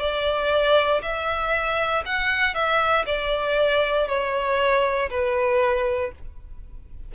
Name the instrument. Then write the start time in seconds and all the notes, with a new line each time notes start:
violin
0.00 D5
1.02 E5
2.06 F#5
2.54 E5
3.06 D5
4.08 C#5
5.10 B4